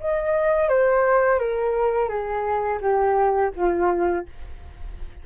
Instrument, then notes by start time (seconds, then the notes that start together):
flute
0.00 D#5
0.69 C5
1.39 A#4
2.09 G#4
2.81 G4
3.56 F4